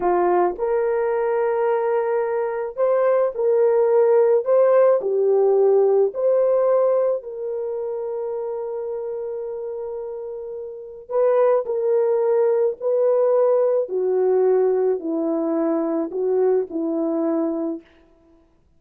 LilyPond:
\new Staff \with { instrumentName = "horn" } { \time 4/4 \tempo 4 = 108 f'4 ais'2.~ | ais'4 c''4 ais'2 | c''4 g'2 c''4~ | c''4 ais'2.~ |
ais'1 | b'4 ais'2 b'4~ | b'4 fis'2 e'4~ | e'4 fis'4 e'2 | }